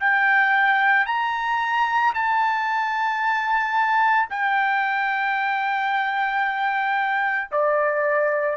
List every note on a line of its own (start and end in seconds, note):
0.00 1.06 G5
1.06 2.13 A#5
2.14 4.28 A5
4.30 7.51 G5
7.51 8.56 D5